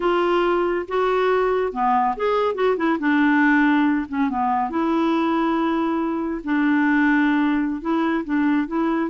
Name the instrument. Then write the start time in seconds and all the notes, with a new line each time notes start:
clarinet
0.00 F4
0.88 F#4
1.72 B3
2.16 G#4
2.55 F#4
2.76 E4
2.99 D4
4.08 C#4
4.29 B3
4.70 E4
6.43 D4
7.81 E4
8.24 D4
8.67 E4